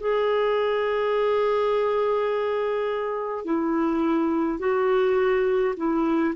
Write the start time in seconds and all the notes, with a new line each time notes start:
0.00 G#4
3.45 E4
4.59 F#4
5.76 E4